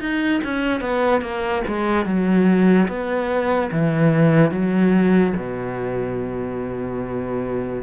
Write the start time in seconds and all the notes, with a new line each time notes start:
0.00 D#4
0.44 C#4
0.81 B3
1.21 A#3
1.67 G#3
2.05 F#3
2.88 B3
3.72 E3
4.51 F#3
5.36 B2